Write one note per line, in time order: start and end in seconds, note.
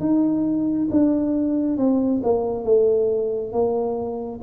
0.00 0.88 D#4
0.91 1.77 D4
1.77 2.21 C4
2.23 2.64 A#3
2.64 3.52 A3
3.52 4.40 A#3